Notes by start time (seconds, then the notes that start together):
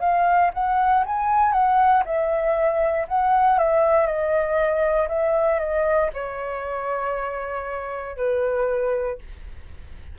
0.00 F5
0.54 F#5
1.06 G#5
1.53 F#5
2.05 E5
3.08 F#5
3.58 E5
4.06 D#5
5.08 E5
5.59 D#5
6.13 C#5
8.17 B4